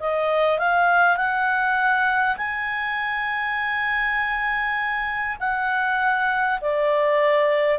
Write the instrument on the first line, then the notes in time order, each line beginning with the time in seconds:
clarinet
0.00 D#5
0.58 F5
1.17 F#5
2.37 G#5
5.39 F#5
6.61 D5